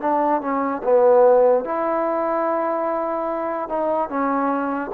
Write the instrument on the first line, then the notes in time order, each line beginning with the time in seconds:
trombone
0.00 D4
0.41 C#4
0.83 B3
1.64 E4
3.69 D#4
4.09 C#4